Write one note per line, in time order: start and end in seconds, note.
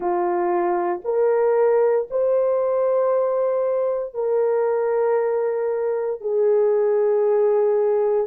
0.00 1.01 F4
1.04 2.07 A#4
2.10 4.14 C5
4.14 6.20 A#4
6.20 8.26 G#4